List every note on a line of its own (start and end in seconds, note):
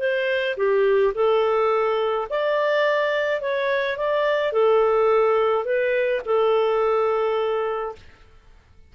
0.00 0.57 C5
0.57 1.14 G4
1.15 2.28 A4
2.30 3.41 D5
3.41 3.98 C#5
3.98 4.53 D5
4.53 5.65 A4
5.65 6.22 B4
6.26 7.96 A4